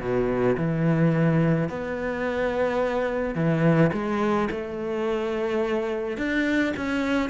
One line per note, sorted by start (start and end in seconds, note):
0.00 0.56 B2
0.57 1.69 E3
1.69 3.35 B3
3.35 3.91 E3
3.93 4.49 G#3
4.51 6.17 A3
6.17 6.73 D4
6.76 7.29 C#4